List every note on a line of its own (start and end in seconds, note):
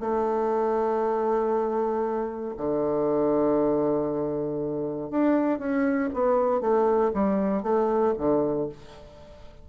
0.00 2.54 A3
2.57 5.10 D3
5.10 5.58 D4
5.58 6.09 C#4
6.13 6.61 B3
6.61 7.11 A3
7.13 7.63 G3
7.63 8.14 A3
8.18 8.69 D3